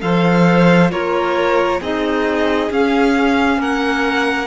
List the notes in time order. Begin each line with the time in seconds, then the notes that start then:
0.00 F3 A4 C5 F5
0.90 A#3 F4 A#4 C#5
1.80 C4 D#4 G#4 D#5
2.70 C#4 F5
3.57 A#3 A#4 F#5